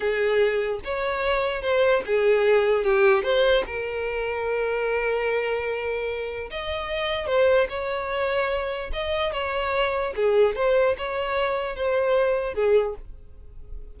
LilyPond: \new Staff \with { instrumentName = "violin" } { \time 4/4 \tempo 4 = 148 gis'2 cis''2 | c''4 gis'2 g'4 | c''4 ais'2.~ | ais'1 |
dis''2 c''4 cis''4~ | cis''2 dis''4 cis''4~ | cis''4 gis'4 c''4 cis''4~ | cis''4 c''2 gis'4 | }